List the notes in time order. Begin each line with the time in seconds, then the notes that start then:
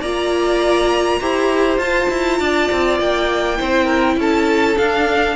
0.00 A#3 F4 D5 A#5
1.20 E4 G4 C5
1.77 F4 A5
1.84 F4
2.10 E4
2.39 D4 D5
2.71 C4
2.99 A#3 G5
3.57 C4 E4 C5
3.85 A#4
4.17 C#4 A4 A5
4.77 D4 F5